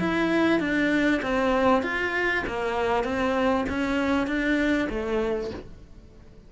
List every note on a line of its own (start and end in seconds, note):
0.00 0.60 E4
0.60 1.21 D4
1.23 1.83 C4
1.83 2.44 F4
2.48 3.04 A#3
3.04 3.65 C4
3.70 4.27 C#4
4.27 4.89 D4
4.90 5.51 A3